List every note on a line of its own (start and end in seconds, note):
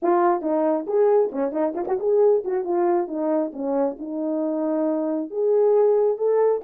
0.02 0.41 F4
0.41 0.85 D#4
0.86 1.31 G#4
1.31 1.52 C#4
1.52 1.74 D#4
1.74 1.85 F4
1.87 1.98 F#4
1.99 2.43 G#4
2.44 2.64 F#4
2.64 3.07 F4
3.07 3.51 D#4
3.53 3.97 C#4
3.98 5.30 D#4
5.30 6.17 G#4
6.17 6.61 A4